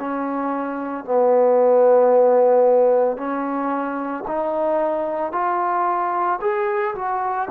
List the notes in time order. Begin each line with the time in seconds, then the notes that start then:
0.00 C#4
1.05 B3
3.18 C#4
4.28 D#4
5.33 F4
6.42 G#4
6.95 F#4